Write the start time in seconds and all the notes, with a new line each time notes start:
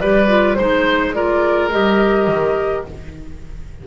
0.00 G3 G4 B4 D5
0.28 F4
0.55 G#3 D#4 C5
1.14 F4 A#4 D5
1.71 G3 G4 D#5
2.27 D#3